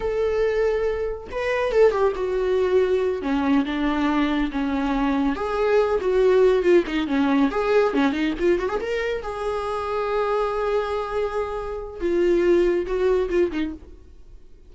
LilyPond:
\new Staff \with { instrumentName = "viola" } { \time 4/4 \tempo 4 = 140 a'2. b'4 | a'8 g'8 fis'2~ fis'8 cis'8~ | cis'8 d'2 cis'4.~ | cis'8 gis'4. fis'4. f'8 |
dis'8 cis'4 gis'4 cis'8 dis'8 f'8 | fis'16 gis'16 ais'4 gis'2~ gis'8~ | gis'1 | f'2 fis'4 f'8 dis'8 | }